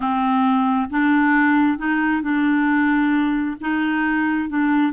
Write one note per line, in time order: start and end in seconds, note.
0.00 0.89 C4
0.90 1.77 D4
1.77 2.21 D#4
2.21 3.56 D4
3.60 4.49 D#4
4.49 4.92 D4